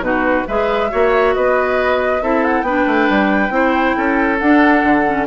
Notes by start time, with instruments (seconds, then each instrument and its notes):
0.00 bassoon B2, clarinet D#4, oboe F#4, flute B4
0.47 bassoon G#3, clarinet G#4, oboe B4, flute E5
0.90 bassoon A#3, clarinet F#4, oboe C#5
1.34 bassoon B3, oboe B4, flute D#5
2.21 bassoon C4, clarinet E4, oboe A4, flute E5
2.44 flute F#5
2.61 bassoon B3, clarinet D4, oboe B4, flute G5
2.87 bassoon A3
3.09 bassoon G3
3.49 bassoon C4, clarinet E4, oboe C5
3.96 bassoon C#4, oboe A4
4.38 bassoon D4, clarinet D4, flute F#5
4.83 bassoon D3
5.05 clarinet C#4